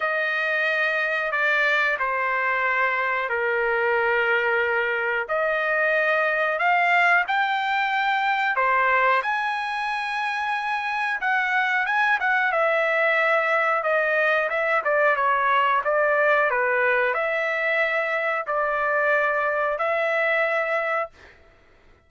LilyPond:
\new Staff \with { instrumentName = "trumpet" } { \time 4/4 \tempo 4 = 91 dis''2 d''4 c''4~ | c''4 ais'2. | dis''2 f''4 g''4~ | g''4 c''4 gis''2~ |
gis''4 fis''4 gis''8 fis''8 e''4~ | e''4 dis''4 e''8 d''8 cis''4 | d''4 b'4 e''2 | d''2 e''2 | }